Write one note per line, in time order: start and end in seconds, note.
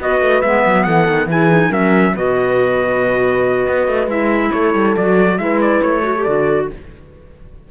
0.00 0.21 B3
0.00 0.43 F#4
0.00 0.86 B4
0.00 0.42 D#5
0.21 0.43 A3
0.42 0.65 G#3
0.42 1.30 B3
0.42 0.84 E5
0.66 0.87 F#3
0.84 1.08 E3
0.84 1.29 A4
0.84 1.27 F#5
1.08 1.26 D#3
1.26 1.69 E3
1.26 1.50 E4
1.26 1.70 G#4
1.26 1.73 G#5
1.50 1.71 D#4
1.70 2.15 F#3
1.70 2.14 C#4
1.70 2.13 A#4
1.70 2.16 E5
2.16 3.67 B2
2.16 4.10 F#4
2.16 4.52 B4
2.16 4.10 D#5
3.69 3.88 B3
3.88 4.07 A3
4.07 4.50 G#3
4.07 4.96 E4
4.07 4.52 E5
4.52 4.74 A3
4.52 5.38 A4
4.52 4.95 C#5
4.74 4.96 G3
4.97 5.38 F#3
4.97 5.39 F#4
4.97 5.39 D5
5.38 5.81 G#3
5.38 6.03 E4
5.38 6.04 B4
5.38 5.60 E5
5.61 5.82 D5
5.82 6.26 A3
5.82 6.24 C#5
6.03 6.14 F#4
6.03 6.68 A4
6.17 6.27 G4
6.24 6.71 D3
6.24 6.70 F#4
6.24 6.67 D5